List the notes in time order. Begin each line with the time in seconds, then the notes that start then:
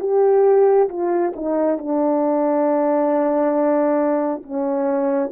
0.00 G4
0.89 F4
1.36 D#4
1.78 D4
4.43 C#4